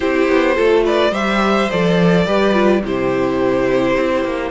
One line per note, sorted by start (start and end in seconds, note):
0.00 0.28 C4
0.00 0.55 E4
0.00 0.55 G4
0.00 0.84 C5
0.28 0.56 B3
0.55 1.11 A3
0.55 1.11 F4
0.55 0.83 A4
0.84 1.11 B4
0.84 1.14 D5
1.11 1.67 G3
1.11 1.68 G4
1.11 2.25 C5
1.11 1.70 E5
1.70 2.26 F3
1.70 2.27 A4
1.70 2.83 D5
2.26 2.83 G3
2.26 2.53 G4
2.26 2.82 B4
2.53 2.81 F4
2.83 3.96 C3
2.83 4.50 E4
2.83 4.50 G4
2.83 4.50 C5
3.96 4.24 C4
4.24 4.50 A#3